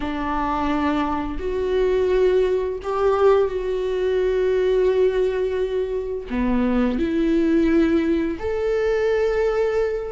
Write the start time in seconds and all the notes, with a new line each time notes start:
0.00 D4
1.39 F#4
2.82 G4
3.48 F#4
6.29 B3
6.98 E4
8.39 A4